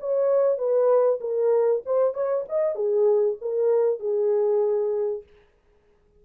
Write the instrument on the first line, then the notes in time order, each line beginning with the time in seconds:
horn
0.00 C#5
0.58 B4
1.21 A#4
1.86 C5
2.14 C#5
2.49 D#5
2.76 G#4
3.41 A#4
4.00 G#4